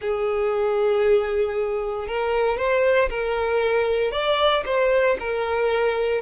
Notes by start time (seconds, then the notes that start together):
0.01 G#4
2.07 A#4
2.57 C5
3.09 A#4
4.11 D5
4.65 C5
5.19 A#4